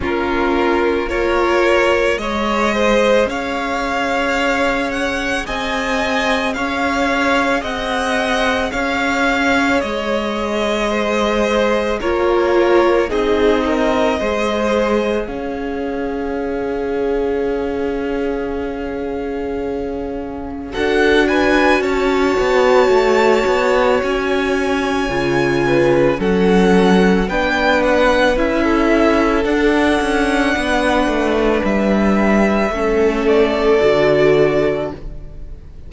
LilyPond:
<<
  \new Staff \with { instrumentName = "violin" } { \time 4/4 \tempo 4 = 55 ais'4 cis''4 dis''4 f''4~ | f''8 fis''8 gis''4 f''4 fis''4 | f''4 dis''2 cis''4 | dis''2 f''2~ |
f''2. fis''8 gis''8 | a''2 gis''2 | fis''4 g''8 fis''8 e''4 fis''4~ | fis''4 e''4. d''4. | }
  \new Staff \with { instrumentName = "violin" } { \time 4/4 f'4 ais'4 cis''8 c''8 cis''4~ | cis''4 dis''4 cis''4 dis''4 | cis''2 c''4 ais'4 | gis'8 ais'8 c''4 cis''2~ |
cis''2. a'8 b'8 | cis''2.~ cis''8 b'8 | a'4 b'4~ b'16 a'4.~ a'16 | b'2 a'2 | }
  \new Staff \with { instrumentName = "viola" } { \time 4/4 cis'4 f'4 gis'2~ | gis'1~ | gis'2. f'4 | dis'4 gis'2.~ |
gis'2. fis'4~ | fis'2. f'4 | cis'4 d'4 e'4 d'4~ | d'2 cis'4 fis'4 | }
  \new Staff \with { instrumentName = "cello" } { \time 4/4 ais2 gis4 cis'4~ | cis'4 c'4 cis'4 c'4 | cis'4 gis2 ais4 | c'4 gis4 cis'2~ |
cis'2. d'4 | cis'8 b8 a8 b8 cis'4 cis4 | fis4 b4 cis'4 d'8 cis'8 | b8 a8 g4 a4 d4 | }
>>